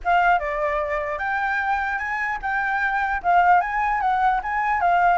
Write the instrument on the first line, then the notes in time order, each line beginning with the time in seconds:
flute
0.04 F5
0.39 D5
1.18 G5
1.98 G#5
2.41 G5
3.22 F5
3.61 G#5
4.00 F#5
4.43 G#5
4.81 F5